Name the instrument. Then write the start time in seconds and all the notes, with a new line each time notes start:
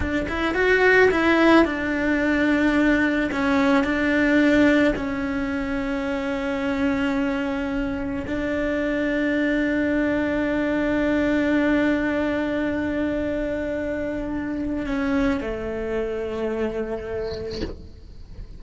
cello
0.00 D4
0.28 E4
0.54 F#4
1.11 E4
1.64 D4
3.32 C#4
3.84 D4
4.95 C#4
8.26 D4
14.86 C#4
15.41 A3